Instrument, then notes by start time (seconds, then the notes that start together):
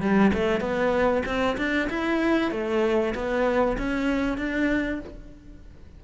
cello
0.00 G3
0.33 A3
0.60 B3
1.25 C4
1.57 D4
1.89 E4
2.51 A3
3.14 B3
3.77 C#4
4.37 D4